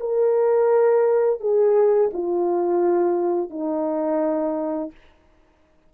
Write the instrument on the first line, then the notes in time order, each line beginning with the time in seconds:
horn
0.00 A#4
1.40 G#4
2.13 F4
3.50 D#4